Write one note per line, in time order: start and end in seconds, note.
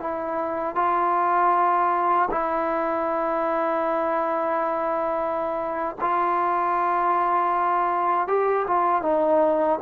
0.00 0.75 E4
0.75 2.29 F4
2.31 5.96 E4
6.01 8.28 F4
8.28 8.66 G4
8.67 9.02 F4
9.02 9.79 D#4